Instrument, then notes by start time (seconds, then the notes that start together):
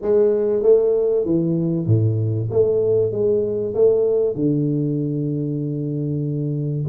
tuba
0.01 G#3
0.62 A3
1.25 E3
1.86 A2
2.50 A3
3.11 G#3
3.74 A3
4.35 D3